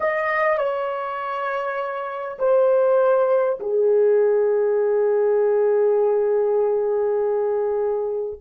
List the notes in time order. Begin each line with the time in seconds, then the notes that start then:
0.00 D#5
0.58 C#5
2.38 C5
3.59 G#4